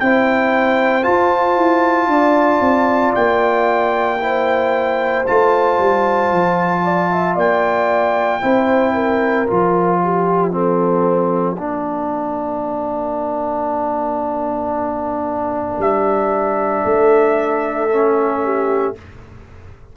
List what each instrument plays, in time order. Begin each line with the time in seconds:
0.00 tuba C4, trombone E4, horn C5, trumpet G5
1.02 trombone F4, tuba F4, trumpet A5
1.57 tuba E4
2.07 tuba D4, horn D5
2.61 tuba C4
3.15 tuba A#3, trumpet G5
4.20 trombone E4, horn C5
5.27 tuba A3, trombone F4, trumpet A5
5.79 tuba G3
6.32 tuba F3
6.84 horn D5
7.12 horn E5
7.36 tuba A#3, horn D5, trumpet G5
8.42 tuba C4, trombone E4, horn C5
8.94 horn A#4
9.47 tuba F3, trombone F4, trumpet F5
10.04 horn G4
10.51 trombone C4, horn A4
11.58 tuba A#3, trombone D4, horn A#4
15.79 tuba G3, trumpet E5
16.84 tuba A3, horn A4
17.90 trombone C#4
18.44 horn G4